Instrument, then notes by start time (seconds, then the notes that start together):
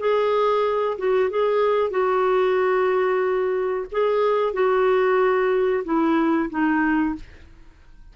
clarinet
0.00 G#4
0.98 F#4
1.30 G#4
1.91 F#4
3.92 G#4
4.53 F#4
5.85 E4
6.50 D#4